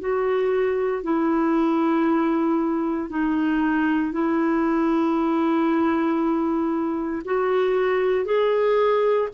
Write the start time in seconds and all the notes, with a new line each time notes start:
0.00 F#4
1.03 E4
3.09 D#4
4.12 E4
7.25 F#4
8.25 G#4